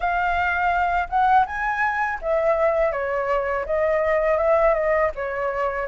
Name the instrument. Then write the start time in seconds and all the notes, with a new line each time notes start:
flute
0.00 F5
1.09 F#5
1.46 G#5
2.21 E5
2.91 C#5
3.65 D#5
4.37 E5
4.74 D#5
5.15 C#5